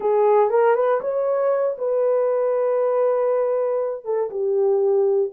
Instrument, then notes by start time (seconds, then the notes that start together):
horn
0.00 G#4
0.50 A#4
0.75 B4
1.00 C#5
1.78 B4
4.05 A4
4.30 G4